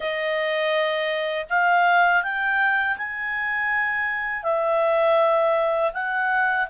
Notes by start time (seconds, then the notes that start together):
0.00 D#5
1.49 F5
2.23 G5
2.97 G#5
4.43 E5
5.93 F#5